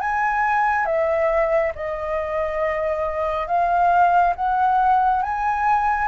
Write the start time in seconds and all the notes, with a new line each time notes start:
0.00 G#5
0.85 E5
1.75 D#5
3.47 F5
4.35 F#5
5.22 G#5